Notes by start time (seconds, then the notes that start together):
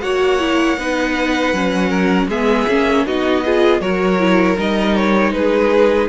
0.00 A#3 F#4 C#5 F#5
0.39 E4
0.77 B3 D#4 B4
1.52 F#3 C#4
1.89 A#4
2.27 G#3 B3 G#4 E5
2.68 A#3 C#4
3.06 B3 D#4 F#4 D#5
3.45 F4 G#4
3.80 F#3 F#4 A#4 C#5
4.19 E4
4.57 G3 D#4 D#5
4.96 C#5
5.32 G#3 G#4 B4